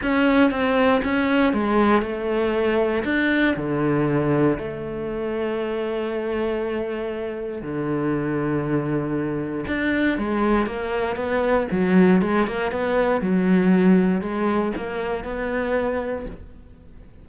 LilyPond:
\new Staff \with { instrumentName = "cello" } { \time 4/4 \tempo 4 = 118 cis'4 c'4 cis'4 gis4 | a2 d'4 d4~ | d4 a2.~ | a2. d4~ |
d2. d'4 | gis4 ais4 b4 fis4 | gis8 ais8 b4 fis2 | gis4 ais4 b2 | }